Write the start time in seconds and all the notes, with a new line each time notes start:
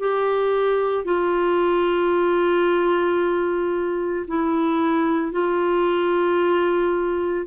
0.00 G4
1.05 F4
4.28 E4
5.32 F4